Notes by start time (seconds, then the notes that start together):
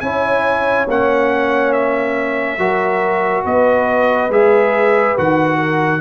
0.00 C#4 E4 C#5 G#5
0.88 A#3 C#4 F#5
1.72 E5
2.58 F#3 F#4 A#4
3.44 B3 B4 D#5
4.29 G#3 G#4 E5
5.17 D#3 F#4 F#5
5.57 A#4